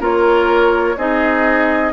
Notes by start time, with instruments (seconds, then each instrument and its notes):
0.00 bassoon A#3, clarinet F4, oboe A#4, flute C#5
0.97 bassoon C4, clarinet D#4, oboe G#4, flute D#5